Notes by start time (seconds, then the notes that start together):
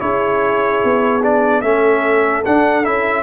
0.00 C#4 E4 G#4 C#5
0.84 B3
1.23 D4 D5
1.62 A3 C#4 A4 E5
2.45 D4 F#5
2.84 C#4 E4 E5